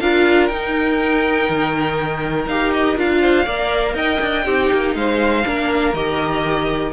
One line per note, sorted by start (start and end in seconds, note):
0.00 0.49 D4
0.00 0.50 F4
0.00 3.20 A#4
0.00 0.47 F5
0.47 1.48 D#4
0.47 2.48 D#4
0.47 2.45 G5
1.49 2.46 D#3
2.46 2.96 D#4
2.46 2.97 G4
2.46 2.73 F5
2.73 2.98 D#5
2.96 3.46 D4
2.96 3.46 F4
2.96 3.96 F5
3.20 3.45 C5
3.45 3.94 A#3
3.45 4.45 A#4
3.45 3.94 D5
3.94 4.19 D#4
3.94 4.45 D#5
3.94 4.95 G5
4.21 4.45 D4
4.45 4.70 C4
4.45 5.44 D#4
4.45 4.94 G4
4.72 4.94 A#3
4.94 5.44 G#3
4.94 5.46 C5
4.94 5.94 F5
5.44 5.93 A#3
5.44 5.93 D4
5.44 6.93 A#4
5.93 6.92 D#3
5.93 6.93 G4
5.93 6.93 D#5